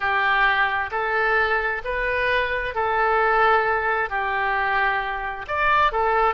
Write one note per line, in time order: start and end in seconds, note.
0.00 0.90 G4
0.91 1.82 A4
1.84 2.74 B4
2.74 4.09 A4
4.09 5.45 G4
5.48 5.91 D5
5.91 6.34 A4